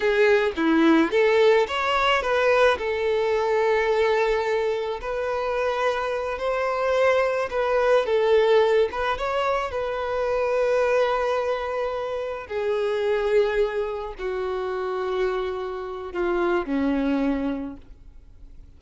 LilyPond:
\new Staff \with { instrumentName = "violin" } { \time 4/4 \tempo 4 = 108 gis'4 e'4 a'4 cis''4 | b'4 a'2.~ | a'4 b'2~ b'8 c''8~ | c''4. b'4 a'4. |
b'8 cis''4 b'2~ b'8~ | b'2~ b'8 gis'4.~ | gis'4. fis'2~ fis'8~ | fis'4 f'4 cis'2 | }